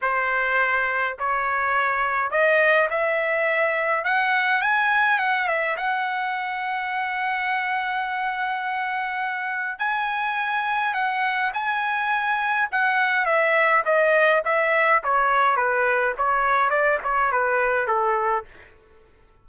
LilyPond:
\new Staff \with { instrumentName = "trumpet" } { \time 4/4 \tempo 4 = 104 c''2 cis''2 | dis''4 e''2 fis''4 | gis''4 fis''8 e''8 fis''2~ | fis''1~ |
fis''4 gis''2 fis''4 | gis''2 fis''4 e''4 | dis''4 e''4 cis''4 b'4 | cis''4 d''8 cis''8 b'4 a'4 | }